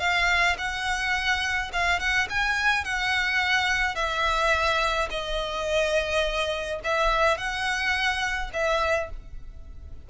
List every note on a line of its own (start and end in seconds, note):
0.00 0.57 F5
0.58 1.71 F#5
1.73 2.00 F5
2.00 2.28 F#5
2.30 2.85 G#5
2.85 3.96 F#5
3.96 5.09 E5
5.10 6.80 D#5
6.84 7.38 E5
7.38 8.51 F#5
8.54 9.10 E5